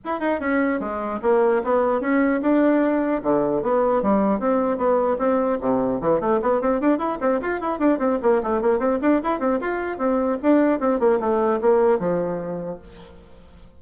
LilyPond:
\new Staff \with { instrumentName = "bassoon" } { \time 4/4 \tempo 4 = 150 e'8 dis'8 cis'4 gis4 ais4 | b4 cis'4 d'2 | d4 b4 g4 c'4 | b4 c'4 c4 e8 a8 |
b8 c'8 d'8 e'8 c'8 f'8 e'8 d'8 | c'8 ais8 a8 ais8 c'8 d'8 e'8 c'8 | f'4 c'4 d'4 c'8 ais8 | a4 ais4 f2 | }